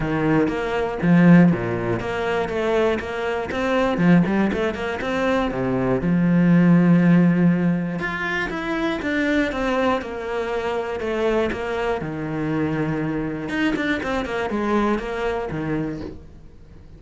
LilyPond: \new Staff \with { instrumentName = "cello" } { \time 4/4 \tempo 4 = 120 dis4 ais4 f4 ais,4 | ais4 a4 ais4 c'4 | f8 g8 a8 ais8 c'4 c4 | f1 |
f'4 e'4 d'4 c'4 | ais2 a4 ais4 | dis2. dis'8 d'8 | c'8 ais8 gis4 ais4 dis4 | }